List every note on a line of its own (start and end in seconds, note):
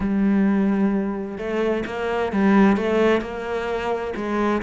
0.00 1.37 G3
1.37 1.84 A3
1.86 2.32 A#3
2.32 2.77 G3
2.77 3.21 A3
3.21 4.13 A#3
4.16 4.62 G#3